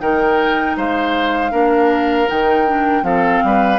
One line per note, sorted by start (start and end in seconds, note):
0.00 0.77 D#3
0.00 1.52 D#4
0.00 0.77 A#4
0.00 0.77 G5
0.77 1.53 G#3
0.77 1.52 C5
0.77 2.29 F5
1.52 2.28 A#3
1.52 2.27 D4
1.52 3.03 A#4
2.27 3.03 D#3
2.27 2.65 D#4
2.27 3.04 G5
2.67 3.03 D4
3.03 3.41 F3
3.03 3.79 C4
3.03 3.43 A4
3.03 3.80 F5
3.44 3.80 G3
3.44 3.80 B4